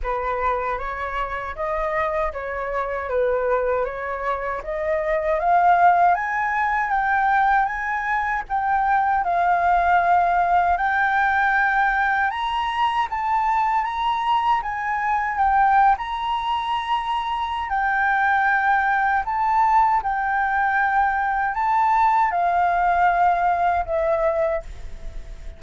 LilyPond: \new Staff \with { instrumentName = "flute" } { \time 4/4 \tempo 4 = 78 b'4 cis''4 dis''4 cis''4 | b'4 cis''4 dis''4 f''4 | gis''4 g''4 gis''4 g''4 | f''2 g''2 |
ais''4 a''4 ais''4 gis''4 | g''8. ais''2~ ais''16 g''4~ | g''4 a''4 g''2 | a''4 f''2 e''4 | }